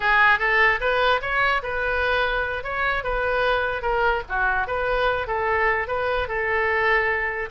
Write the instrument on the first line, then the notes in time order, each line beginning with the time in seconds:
oboe
0.00 G#4
0.39 A4
0.80 B4
1.21 C#5
1.62 B4
2.63 C#5
3.03 B4
3.81 A#4
4.29 F#4
4.67 B4
5.27 A4
5.87 B4
6.28 A4